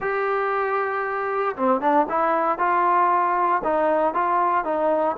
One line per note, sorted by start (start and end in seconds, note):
0.00 1.55 G4
1.56 1.80 C4
1.80 2.06 D4
2.09 2.58 E4
2.58 3.61 F4
3.63 4.14 D#4
4.14 4.64 F4
4.64 5.16 D#4